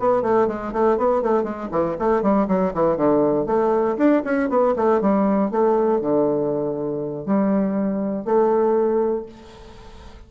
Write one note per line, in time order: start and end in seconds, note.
0.00 0.23 B3
0.23 0.48 A3
0.48 0.73 G#3
0.73 0.98 A3
0.98 1.23 B3
1.23 1.44 A3
1.44 1.69 G#3
1.72 1.97 E3
2.00 2.23 A3
2.23 2.48 G3
2.48 2.73 F#3
2.74 2.97 E3
2.97 3.47 D3
3.47 3.97 A3
3.98 4.23 D4
4.25 4.50 C#4
4.50 4.75 B3
4.77 5.02 A3
5.02 5.51 G3
5.51 6.02 A3
6.02 7.26 D3
7.26 8.25 G3
8.25 9.26 A3